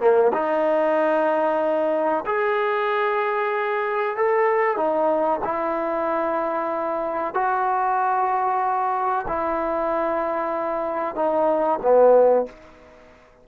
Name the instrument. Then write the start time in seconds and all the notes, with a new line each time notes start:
trombone
0.00 A#3
0.33 D#4
2.26 G#4
4.16 A4
4.76 D#4
5.44 E4
7.34 F#4
9.28 E4
11.15 D#4
11.82 B3